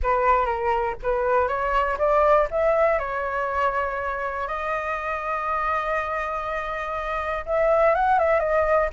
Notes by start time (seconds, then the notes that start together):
0.02 B4
0.45 A#4
1.02 B4
1.47 C#5
1.98 D5
2.50 E5
2.98 C#5
4.47 D#5
7.46 E5
7.94 F#5
8.18 E5
8.39 D#5